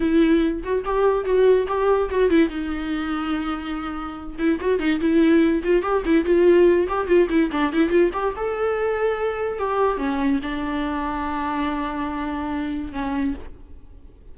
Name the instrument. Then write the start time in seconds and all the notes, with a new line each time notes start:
viola
0.00 E4
0.63 F#4
0.84 G4
1.25 F#4
1.67 G4
2.10 F#4
2.29 E4
2.49 D#4
4.38 E4
4.60 F#4
4.79 D#4
5.00 E4
5.63 F4
5.82 G4
6.05 E4
6.25 F4
6.88 G4
7.07 F4
7.29 E4
7.51 D4
7.72 E4
7.89 F4
8.13 G4
8.36 A4
9.58 G4
9.97 C#4
10.42 D4
12.92 C#4